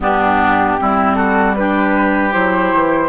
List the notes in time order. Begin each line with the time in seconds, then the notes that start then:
0.00 G2 B3 D4 G4
0.78 G3 C4 E4
1.14 F#4 A4
1.55 D4 G4 B4
2.31 F#3 E4 C5
2.73 E3